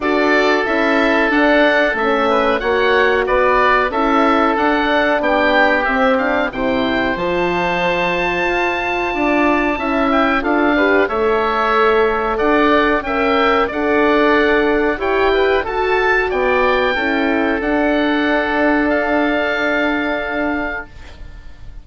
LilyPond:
<<
  \new Staff \with { instrumentName = "oboe" } { \time 4/4 \tempo 4 = 92 d''4 e''4 fis''4 e''4 | fis''4 d''4 e''4 fis''4 | g''4 e''8 f''8 g''4 a''4~ | a''2.~ a''8 g''8 |
f''4 e''2 fis''4 | g''4 fis''2 g''4 | a''4 g''2 fis''4~ | fis''4 f''2. | }
  \new Staff \with { instrumentName = "oboe" } { \time 4/4 a'2.~ a'8 b'8 | cis''4 b'4 a'2 | g'2 c''2~ | c''2 d''4 e''4 |
a'8 b'8 cis''2 d''4 | e''4 d''2 cis''8 b'8 | a'4 d''4 a'2~ | a'1 | }
  \new Staff \with { instrumentName = "horn" } { \time 4/4 fis'4 e'4 d'4 cis'4 | fis'2 e'4 d'4~ | d'4 c'8 d'8 e'4 f'4~ | f'2. e'4 |
f'8 g'8 a'2. | ais'4 a'2 g'4 | fis'2 e'4 d'4~ | d'1 | }
  \new Staff \with { instrumentName = "bassoon" } { \time 4/4 d'4 cis'4 d'4 a4 | ais4 b4 cis'4 d'4 | b4 c'4 c4 f4~ | f4 f'4 d'4 cis'4 |
d'4 a2 d'4 | cis'4 d'2 e'4 | fis'4 b4 cis'4 d'4~ | d'1 | }
>>